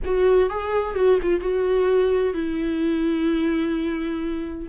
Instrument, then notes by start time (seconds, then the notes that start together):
viola
0.04 F#4
0.49 G#4
0.95 F#4
1.22 F4
1.40 F#4
2.33 E4